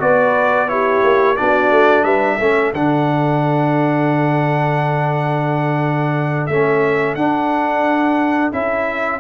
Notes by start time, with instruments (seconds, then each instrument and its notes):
0.00 tuba B3, trombone F#4, horn B4, trumpet D5
0.68 trombone E4, horn G4, trumpet C#5
1.03 tuba A#3
1.36 tuba B3, trombone D4, horn F#4, trumpet D5
1.70 tuba A3
2.04 tuba G3, horn B4, trumpet E5
2.35 tuba A3, trombone C#4, horn A4
2.73 tuba D3, trombone D4, trumpet F#5
6.47 tuba A3, trombone C#4, trumpet E5
7.15 tuba D4, trombone D4, trumpet F#5
8.52 tuba C#4, trombone E4, trumpet E5